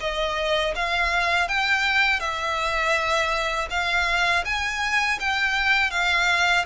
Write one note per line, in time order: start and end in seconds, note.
0.00 0.74 D#5
0.75 1.48 F5
1.48 2.20 G5
2.20 3.68 E5
3.70 4.44 F5
4.44 5.19 G#5
5.20 5.91 G5
5.91 6.65 F5